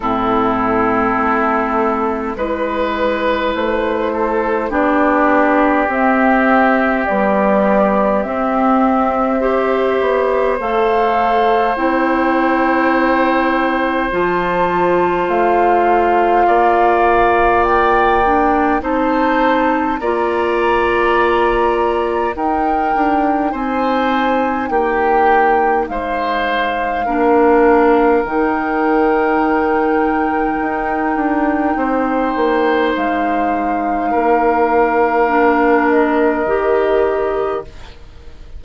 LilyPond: <<
  \new Staff \with { instrumentName = "flute" } { \time 4/4 \tempo 4 = 51 a'2 b'4 c''4 | d''4 e''4 d''4 e''4~ | e''4 f''4 g''2 | a''4 f''2 g''4 |
a''4 ais''2 g''4 | gis''4 g''4 f''2 | g''1 | f''2~ f''8 dis''4. | }
  \new Staff \with { instrumentName = "oboe" } { \time 4/4 e'2 b'4. a'8 | g'1 | c''1~ | c''2 d''2 |
c''4 d''2 ais'4 | c''4 g'4 c''4 ais'4~ | ais'2. c''4~ | c''4 ais'2. | }
  \new Staff \with { instrumentName = "clarinet" } { \time 4/4 c'2 e'2 | d'4 c'4 g4 c'4 | g'4 a'4 e'2 | f'2.~ f'8 d'8 |
dis'4 f'2 dis'4~ | dis'2. d'4 | dis'1~ | dis'2 d'4 g'4 | }
  \new Staff \with { instrumentName = "bassoon" } { \time 4/4 a,4 a4 gis4 a4 | b4 c'4 b4 c'4~ | c'8 b8 a4 c'2 | f4 a4 ais2 |
c'4 ais2 dis'8 d'8 | c'4 ais4 gis4 ais4 | dis2 dis'8 d'8 c'8 ais8 | gis4 ais2 dis4 | }
>>